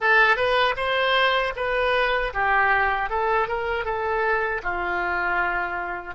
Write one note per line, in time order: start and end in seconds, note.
0.00 0.36 A4
0.36 0.74 B4
0.76 1.53 C5
1.56 2.33 B4
2.33 3.09 G4
3.09 3.48 A4
3.48 3.85 A#4
3.85 4.62 A4
4.63 6.14 F4